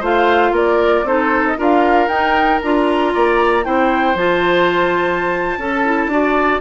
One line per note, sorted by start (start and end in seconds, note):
0.00 0.52 A3
0.00 1.05 F4
0.00 0.52 C5
0.00 0.56 F5
0.52 1.03 A#3
0.52 1.05 A#4
0.52 1.07 D5
1.03 1.55 C4
1.03 1.57 D#4
1.03 1.58 A4
1.03 1.46 C5
1.46 1.59 D#5
1.57 2.08 D4
1.57 2.09 F4
1.57 3.13 A#4
1.57 2.08 F5
2.08 2.60 D#4
2.08 2.60 G5
2.61 3.15 D4
2.61 3.63 F4
2.61 3.65 A#5
3.14 3.66 A#3
3.14 3.65 D5
3.63 4.15 C4
3.63 4.15 E4
3.63 5.59 C5
3.63 4.16 G5
4.15 5.57 F3
4.15 5.60 F4
4.15 6.61 A5
5.57 6.07 C#4
5.57 6.11 A4
5.57 5.85 A4
5.85 6.10 E4
6.07 6.58 D4
6.07 6.61 F#4
6.07 6.61 D5